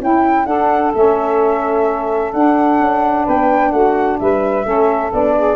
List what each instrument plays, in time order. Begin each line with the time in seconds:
0.00 tuba C#4, saxophone E4, flute G5
0.45 saxophone D4 A4, tuba D4, flute F#5
0.93 tuba A3, saxophone C#4, flute E5
2.33 saxophone D4, tuba D4, flute F#5
2.80 tuba C#4
3.24 tuba B3, saxophone B4, flute G5
3.71 tuba A3, saxophone F#4, flute F#5
4.19 tuba G3, saxophone B4, flute E5
4.64 tuba A3, saxophone C#4 A4
5.12 tuba B3, saxophone D4, flute D5
5.36 saxophone G#4